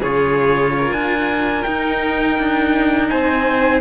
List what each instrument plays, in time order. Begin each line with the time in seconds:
0.00 cello C#3 F4, violin G#4, trumpet C#5
0.78 violin A#4
0.92 cello D4, trumpet G#5
1.63 cello D#4, trumpet G5
2.38 cello D4
3.08 cello C4, violin C5, trumpet G#5